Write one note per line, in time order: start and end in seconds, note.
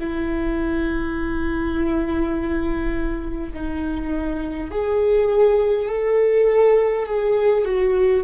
0.00 3.53 E4
3.54 4.71 D#4
4.71 5.89 G#4
5.89 7.06 A4
7.06 7.65 G#4
7.65 8.24 F#4